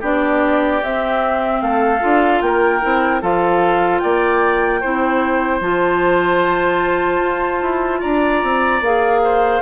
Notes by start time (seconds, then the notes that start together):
0.00 B3 D4 G4 D5
0.83 C4 E5
1.61 A3 A4 F5
2.00 D4 F4
2.41 A#3 A#4 G5
2.82 C4 E4
3.21 F3 F4 A4 F5
3.99 A#3 D5 G5
4.80 C4 E4 C5
5.60 F3 F4 A5
7.20 F4
7.62 E4
8.00 D4 D5 A#5
8.43 C4
8.81 A#3 G#4 F5
9.23 C5